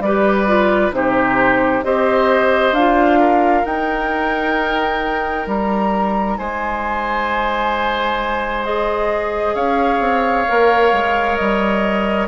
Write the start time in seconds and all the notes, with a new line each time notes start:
0.00 G3 B4 D5
0.06 G4
0.47 F4
0.91 C3 D#4 G4 C5
1.83 C4 G4 C5 D#5
2.72 D4 F5
2.78 F4
3.19 A#4
3.65 D#4 G5
5.47 G3 A#5
6.37 G#3 C5 G#5
8.64 G#4 D#5
9.55 C#4 C#5 F5
10.00 C4
10.48 A#3 A#4
10.92 G#3
11.36 G3 D#5